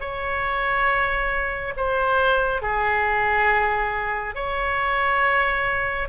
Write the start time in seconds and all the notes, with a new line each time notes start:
0.00 C#5
1.77 C5
2.62 G#4
4.35 C#5